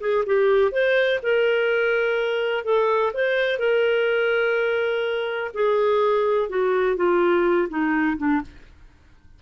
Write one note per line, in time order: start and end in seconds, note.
0.00 0.24 G#4
0.25 0.71 G4
0.71 1.19 C5
1.22 2.64 A#4
2.64 3.12 A4
3.13 3.59 C5
3.59 5.51 A#4
5.54 6.49 G#4
6.49 6.96 F#4
6.96 7.68 F4
7.69 8.17 D#4
8.17 8.41 D4